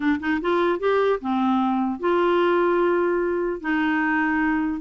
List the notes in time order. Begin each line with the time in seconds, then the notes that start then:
0.00 D4
0.20 D#4
0.41 F4
0.79 G4
1.20 C4
1.99 F4
3.61 D#4